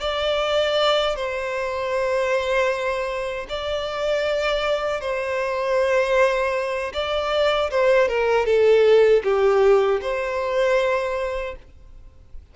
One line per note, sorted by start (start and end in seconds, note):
0.00 1.15 D5
1.15 3.46 C5
3.49 5.00 D5
5.00 6.92 C5
6.93 7.70 D5
7.70 8.08 C5
8.08 8.45 A#4
8.45 9.22 A4
9.23 10.00 G4
10.01 11.55 C5